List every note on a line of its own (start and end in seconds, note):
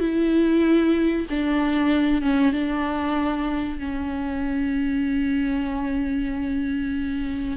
0.00 1.26 E4
1.30 2.22 D4
2.22 2.53 C#4
2.53 3.79 D4
3.79 7.57 C#4